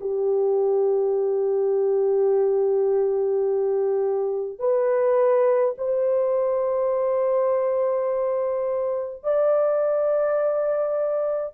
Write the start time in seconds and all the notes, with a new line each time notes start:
0.00 G4
4.59 B4
5.77 C5
9.23 D5